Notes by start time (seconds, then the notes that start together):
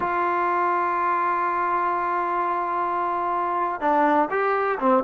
0.00 F4
3.80 D4
4.30 G4
4.79 C4